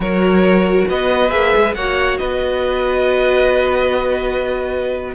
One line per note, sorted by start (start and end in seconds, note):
0.00 0.84 F#3
0.00 1.29 F#4
0.00 0.88 A#4
0.00 0.88 C#5
0.88 1.31 B3
0.88 1.75 B4
0.88 1.30 D#5
1.29 1.53 A#3
1.29 1.73 G#4
1.29 1.74 E5
1.55 1.75 G#3
1.74 2.19 A#3
1.74 5.14 F#4
1.74 2.19 C#5
1.74 2.17 F#5
2.17 5.14 B3
2.17 5.14 B4
2.17 5.13 D#5